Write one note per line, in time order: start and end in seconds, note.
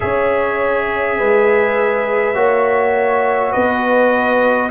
0.00 1.19 C#4
0.00 2.34 G#4
0.00 1.18 C#5
0.00 3.52 E5
1.18 2.35 G#3
1.18 2.35 B4
2.34 3.52 A#3
2.34 4.69 F#4
2.34 3.51 C#5
3.51 4.71 B3
3.51 4.69 B4
3.51 4.70 D#5